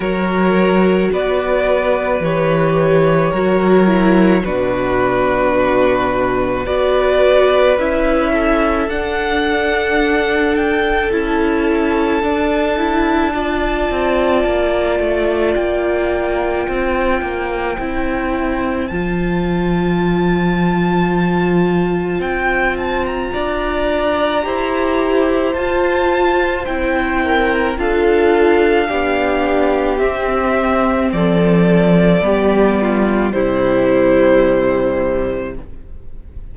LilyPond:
<<
  \new Staff \with { instrumentName = "violin" } { \time 4/4 \tempo 4 = 54 cis''4 d''4 cis''2 | b'2 d''4 e''4 | fis''4. g''8 a''2~ | a''2 g''2~ |
g''4 a''2. | g''8 a''16 ais''2~ ais''16 a''4 | g''4 f''2 e''4 | d''2 c''2 | }
  \new Staff \with { instrumentName = "violin" } { \time 4/4 ais'4 b'2 ais'4 | fis'2 b'4. a'8~ | a'1 | d''2. c''4~ |
c''1~ | c''4 d''4 c''2~ | c''8 ais'8 a'4 g'2 | a'4 g'8 f'8 e'2 | }
  \new Staff \with { instrumentName = "viola" } { \time 4/4 fis'2 g'4 fis'8 e'8 | d'2 fis'4 e'4 | d'2 e'4 d'8 e'8 | f'1 |
e'4 f'2.~ | f'2 g'4 f'4 | e'4 f'4 d'4 c'4~ | c'4 b4 g2 | }
  \new Staff \with { instrumentName = "cello" } { \time 4/4 fis4 b4 e4 fis4 | b,2 b4 cis'4 | d'2 cis'4 d'4~ | d'8 c'8 ais8 a8 ais4 c'8 ais8 |
c'4 f2. | c'4 d'4 e'4 f'4 | c'4 d'4 b4 c'4 | f4 g4 c2 | }
>>